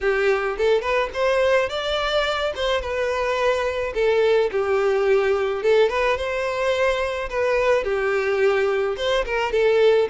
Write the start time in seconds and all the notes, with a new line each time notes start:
0.01 G4
0.57 A4
0.81 B4
1.13 C5
1.69 D5
2.55 C5
2.81 B4
3.94 A4
4.51 G4
5.62 A4
5.89 B4
6.17 C5
7.29 B4
7.84 G4
8.96 C5
9.25 A#4
9.52 A4